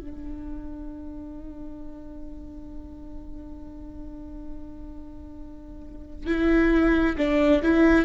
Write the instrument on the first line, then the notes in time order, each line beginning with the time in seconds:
viola
0.00 D4
6.27 E4
7.18 D4
7.62 E4